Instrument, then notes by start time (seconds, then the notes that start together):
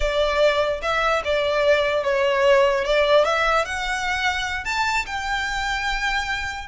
violin
0.00 D5
0.82 E5
1.24 D5
2.03 C#5
2.84 D5
3.25 E5
3.65 F#5
4.65 A5
5.05 G5